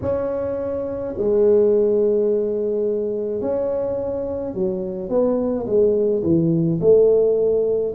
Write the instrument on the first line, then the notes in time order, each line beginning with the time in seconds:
tuba
0.01 C#4
1.17 G#3
3.41 C#4
4.53 F#3
5.09 B3
5.66 G#3
6.23 E3
6.80 A3